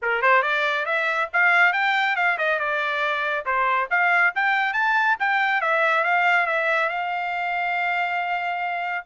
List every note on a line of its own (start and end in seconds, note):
0.01 0.21 A#4
0.21 0.42 C5
0.42 0.85 D5
0.85 1.29 E5
1.33 1.72 F5
1.72 2.15 G5
2.15 2.37 F5
2.37 2.59 D#5
2.59 3.45 D5
3.45 3.88 C5
3.90 4.33 F5
4.35 4.73 G5
4.73 5.16 A5
5.19 5.61 G5
5.61 6.04 E5
6.04 6.46 F5
6.46 6.89 E5
6.89 9.05 F5